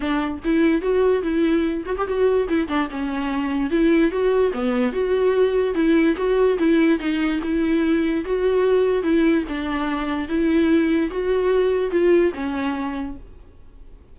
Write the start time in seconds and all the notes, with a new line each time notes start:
0.00 D4
0.44 E4
0.81 F#4
1.22 E4
1.85 F#4
1.97 G4
2.07 F#4
2.48 E4
2.68 D4
2.90 C#4
3.70 E4
4.11 F#4
4.53 B3
4.92 F#4
5.74 E4
6.16 F#4
6.58 E4
6.99 D#4
7.43 E4
8.24 F#4
9.02 E4
9.48 D4
10.28 E4
11.10 F#4
11.90 F4
12.34 C#4